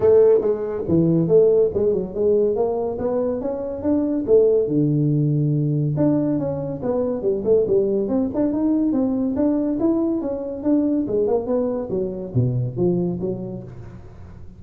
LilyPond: \new Staff \with { instrumentName = "tuba" } { \time 4/4 \tempo 4 = 141 a4 gis4 e4 a4 | gis8 fis8 gis4 ais4 b4 | cis'4 d'4 a4 d4~ | d2 d'4 cis'4 |
b4 g8 a8 g4 c'8 d'8 | dis'4 c'4 d'4 e'4 | cis'4 d'4 gis8 ais8 b4 | fis4 b,4 f4 fis4 | }